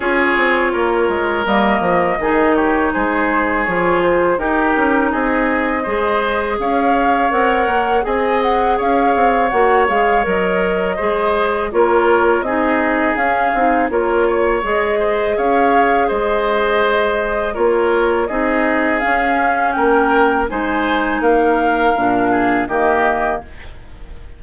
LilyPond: <<
  \new Staff \with { instrumentName = "flute" } { \time 4/4 \tempo 4 = 82 cis''2 dis''4. cis''8 | c''4 cis''8 c''8 ais'4 dis''4~ | dis''4 f''4 fis''4 gis''8 fis''8 | f''4 fis''8 f''8 dis''2 |
cis''4 dis''4 f''4 cis''4 | dis''4 f''4 dis''2 | cis''4 dis''4 f''4 g''4 | gis''4 f''2 dis''4 | }
  \new Staff \with { instrumentName = "oboe" } { \time 4/4 gis'4 ais'2 gis'8 g'8 | gis'2 g'4 gis'4 | c''4 cis''2 dis''4 | cis''2. c''4 |
ais'4 gis'2 ais'8 cis''8~ | cis''8 c''8 cis''4 c''2 | ais'4 gis'2 ais'4 | c''4 ais'4. gis'8 g'4 | }
  \new Staff \with { instrumentName = "clarinet" } { \time 4/4 f'2 ais4 dis'4~ | dis'4 f'4 dis'2 | gis'2 ais'4 gis'4~ | gis'4 fis'8 gis'8 ais'4 gis'4 |
f'4 dis'4 cis'8 dis'8 f'4 | gis'1 | f'4 dis'4 cis'2 | dis'2 d'4 ais4 | }
  \new Staff \with { instrumentName = "bassoon" } { \time 4/4 cis'8 c'8 ais8 gis8 g8 f8 dis4 | gis4 f4 dis'8 cis'8 c'4 | gis4 cis'4 c'8 ais8 c'4 | cis'8 c'8 ais8 gis8 fis4 gis4 |
ais4 c'4 cis'8 c'8 ais4 | gis4 cis'4 gis2 | ais4 c'4 cis'4 ais4 | gis4 ais4 ais,4 dis4 | }
>>